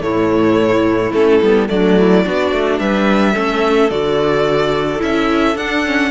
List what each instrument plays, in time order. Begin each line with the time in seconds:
0.00 cello A2, viola A3, clarinet E4, violin C#5
1.12 cello A3, viola C#4, violin A4
1.41 cello G3, viola B3
1.68 cello F#3, viola A3, clarinet D4, violin D5
1.97 clarinet E4
2.24 cello B3, viola D4, clarinet F#4
2.51 cello A3
2.79 cello G3, clarinet B4, violin E5
3.32 cello A3, viola C#4, clarinet A4
3.90 cello D3, viola F#4, violin D5
4.99 cello C#4, viola E4, violin E5
5.55 cello D4, viola D4, violin F#5
5.85 viola C#4